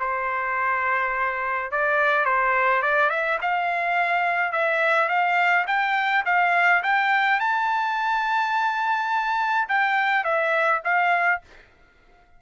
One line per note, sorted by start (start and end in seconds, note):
0.00 1.71 C5
1.71 2.25 D5
2.25 2.82 C5
2.82 3.10 D5
3.10 3.38 E5
3.42 4.52 F5
4.52 5.09 E5
5.09 5.66 F5
5.67 6.24 G5
6.25 6.83 F5
6.83 7.40 G5
7.40 9.68 A5
9.69 10.24 G5
10.24 10.81 E5
10.84 11.41 F5